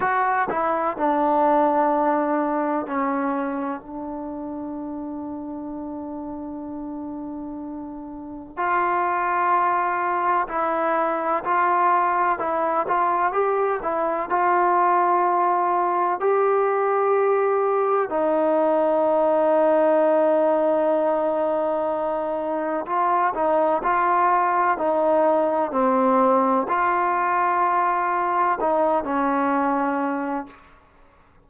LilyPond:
\new Staff \with { instrumentName = "trombone" } { \time 4/4 \tempo 4 = 63 fis'8 e'8 d'2 cis'4 | d'1~ | d'4 f'2 e'4 | f'4 e'8 f'8 g'8 e'8 f'4~ |
f'4 g'2 dis'4~ | dis'1 | f'8 dis'8 f'4 dis'4 c'4 | f'2 dis'8 cis'4. | }